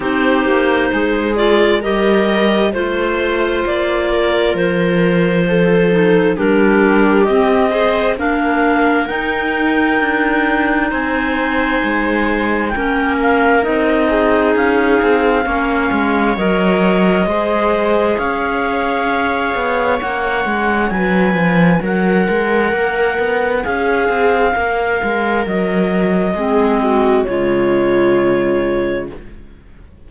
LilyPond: <<
  \new Staff \with { instrumentName = "clarinet" } { \time 4/4 \tempo 4 = 66 c''4. d''8 dis''4 c''4 | d''4 c''2 ais'4 | dis''4 f''4 g''2 | gis''2 g''8 f''8 dis''4 |
f''2 dis''2 | f''2 fis''4 gis''4 | fis''2 f''2 | dis''2 cis''2 | }
  \new Staff \with { instrumentName = "viola" } { \time 4/4 g'4 gis'4 ais'4 c''4~ | c''8 ais'4. a'4 g'4~ | g'8 c''8 ais'2. | c''2 ais'4. gis'8~ |
gis'4 cis''2 c''4 | cis''2. b'4 | ais'2 gis'4 ais'4~ | ais'4 gis'8 fis'8 f'2 | }
  \new Staff \with { instrumentName = "clarinet" } { \time 4/4 dis'4. f'8 g'4 f'4~ | f'2~ f'8 dis'8 d'4 | c'8 gis'8 d'4 dis'2~ | dis'2 cis'4 dis'4~ |
dis'4 cis'4 ais'4 gis'4~ | gis'2 cis'2~ | cis'1~ | cis'4 c'4 gis2 | }
  \new Staff \with { instrumentName = "cello" } { \time 4/4 c'8 ais8 gis4 g4 a4 | ais4 f2 g4 | c'4 ais4 dis'4 d'4 | c'4 gis4 ais4 c'4 |
cis'8 c'8 ais8 gis8 fis4 gis4 | cis'4. b8 ais8 gis8 fis8 f8 | fis8 gis8 ais8 b8 cis'8 c'8 ais8 gis8 | fis4 gis4 cis2 | }
>>